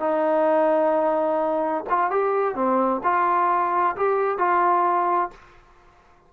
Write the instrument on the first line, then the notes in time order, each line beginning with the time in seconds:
trombone
0.00 D#4
1.90 F4
2.11 G4
2.55 C4
3.04 F4
3.97 G4
4.39 F4